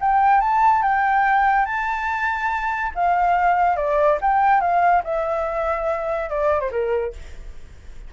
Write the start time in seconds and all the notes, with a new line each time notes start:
0.00 G5
0.40 A5
0.82 G5
1.65 A5
2.95 F5
3.76 D5
4.21 G5
4.60 F5
5.04 E5
6.29 D5
6.60 C5
6.71 A#4